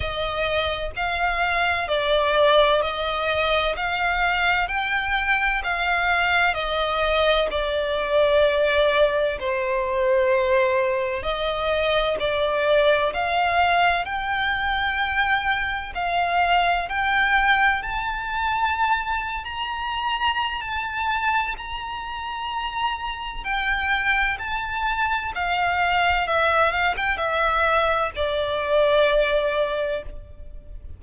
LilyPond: \new Staff \with { instrumentName = "violin" } { \time 4/4 \tempo 4 = 64 dis''4 f''4 d''4 dis''4 | f''4 g''4 f''4 dis''4 | d''2 c''2 | dis''4 d''4 f''4 g''4~ |
g''4 f''4 g''4 a''4~ | a''8. ais''4~ ais''16 a''4 ais''4~ | ais''4 g''4 a''4 f''4 | e''8 f''16 g''16 e''4 d''2 | }